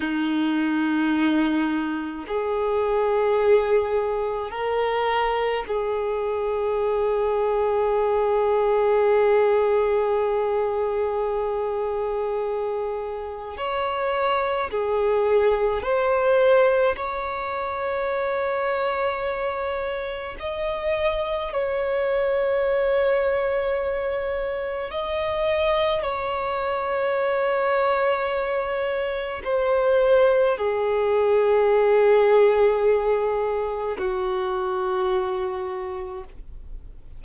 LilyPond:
\new Staff \with { instrumentName = "violin" } { \time 4/4 \tempo 4 = 53 dis'2 gis'2 | ais'4 gis'2.~ | gis'1 | cis''4 gis'4 c''4 cis''4~ |
cis''2 dis''4 cis''4~ | cis''2 dis''4 cis''4~ | cis''2 c''4 gis'4~ | gis'2 fis'2 | }